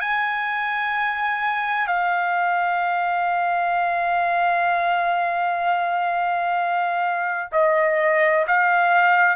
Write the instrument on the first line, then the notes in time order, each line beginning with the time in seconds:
trumpet
0.00 G#5
1.87 F5
7.52 D#5
8.48 F5